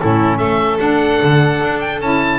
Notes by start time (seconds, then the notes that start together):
0.00 A2 C#4 E4 A4
0.38 A3 A4 E5
0.79 D4 F#5
1.22 D3
1.62 D4
1.80 G5
2.01 C#4 E4 A5